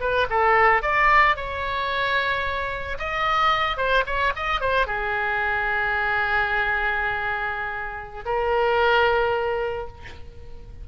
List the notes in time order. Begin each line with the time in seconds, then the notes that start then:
0.00 B4
0.30 A4
0.82 D5
1.36 C#5
2.99 D#5
3.77 C5
4.06 C#5
4.36 D#5
4.60 C5
4.86 G#4
8.25 A#4